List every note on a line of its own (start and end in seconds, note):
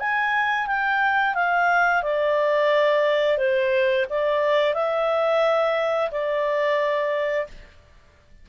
0.00 0.67 G#5
0.67 1.35 G5
1.35 2.03 F5
2.03 3.38 D5
3.38 4.06 C5
4.10 4.74 D5
4.74 6.11 E5
6.11 7.48 D5